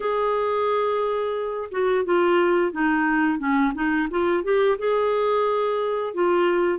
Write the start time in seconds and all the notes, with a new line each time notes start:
0.00 G#4
1.71 F#4
2.04 F4
2.71 D#4
3.38 C#4
3.74 D#4
4.10 F4
4.43 G4
4.78 G#4
6.14 F4